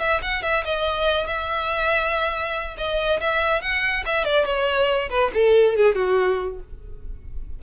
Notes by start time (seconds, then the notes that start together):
0.00 E5
0.22 F#5
0.43 E5
0.65 D#5
1.27 E5
2.78 D#5
3.21 E5
3.62 F#5
4.06 E5
4.25 D5
4.46 C#5
5.10 B4
5.35 A4
5.77 G#4
5.96 F#4